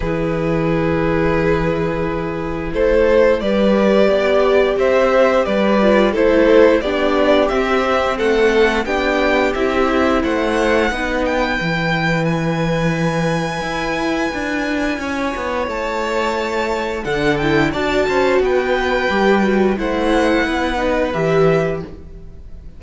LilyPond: <<
  \new Staff \with { instrumentName = "violin" } { \time 4/4 \tempo 4 = 88 b'1 | c''4 d''2 e''4 | d''4 c''4 d''4 e''4 | fis''4 g''4 e''4 fis''4~ |
fis''8 g''4. gis''2~ | gis''2. a''4~ | a''4 fis''8 g''8 a''4 g''4~ | g''4 fis''2 e''4 | }
  \new Staff \with { instrumentName = "violin" } { \time 4/4 gis'1 | a'4 b'4 d''4 c''4 | b'4 a'4 g'2 | a'4 g'2 c''4 |
b'1~ | b'2 cis''2~ | cis''4 a'4 d''8 c''8 b'4~ | b'4 c''4 b'2 | }
  \new Staff \with { instrumentName = "viola" } { \time 4/4 e'1~ | e'4 g'2.~ | g'8 f'8 e'4 d'4 c'4~ | c'4 d'4 e'2 |
dis'4 e'2.~ | e'1~ | e'4 d'8 e'8 fis'2 | g'8 fis'8 e'4. dis'8 g'4 | }
  \new Staff \with { instrumentName = "cello" } { \time 4/4 e1 | a4 g4 b4 c'4 | g4 a4 b4 c'4 | a4 b4 c'4 a4 |
b4 e2. | e'4 d'4 cis'8 b8 a4~ | a4 d4 d'8 cis'8 b4 | g4 a4 b4 e4 | }
>>